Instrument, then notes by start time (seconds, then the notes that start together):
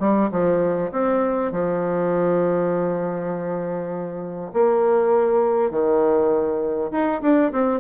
bassoon
0.00 G3
0.32 F3
0.92 C4
1.52 F3
4.54 A#3
5.71 D#3
6.92 D#4
7.22 D4
7.53 C4